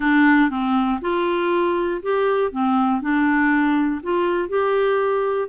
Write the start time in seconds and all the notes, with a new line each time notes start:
0.00 D4
0.50 C4
1.01 F4
2.02 G4
2.51 C4
3.01 D4
4.02 F4
4.48 G4